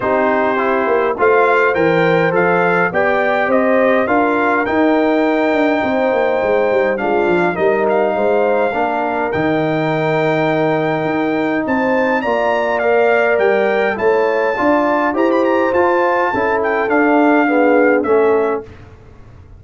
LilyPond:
<<
  \new Staff \with { instrumentName = "trumpet" } { \time 4/4 \tempo 4 = 103 c''2 f''4 g''4 | f''4 g''4 dis''4 f''4 | g''1 | f''4 dis''8 f''2~ f''8 |
g''1 | a''4 ais''4 f''4 g''4 | a''2 ais''16 b''16 ais''8 a''4~ | a''8 g''8 f''2 e''4 | }
  \new Staff \with { instrumentName = "horn" } { \time 4/4 g'2 c''2~ | c''4 d''4 c''4 ais'4~ | ais'2 c''2 | f'4 ais'4 c''4 ais'4~ |
ais'1 | c''4 d''2. | cis''4 d''4 c''2 | a'2 gis'4 a'4 | }
  \new Staff \with { instrumentName = "trombone" } { \time 4/4 dis'4 e'4 f'4 ais'4 | a'4 g'2 f'4 | dis'1 | d'4 dis'2 d'4 |
dis'1~ | dis'4 f'4 ais'2 | e'4 f'4 g'4 f'4 | e'4 d'4 b4 cis'4 | }
  \new Staff \with { instrumentName = "tuba" } { \time 4/4 c'4. ais8 a4 e4 | f4 b4 c'4 d'4 | dis'4. d'8 c'8 ais8 gis8 g8 | gis8 f8 g4 gis4 ais4 |
dis2. dis'4 | c'4 ais2 g4 | a4 d'4 e'4 f'4 | cis'4 d'2 a4 | }
>>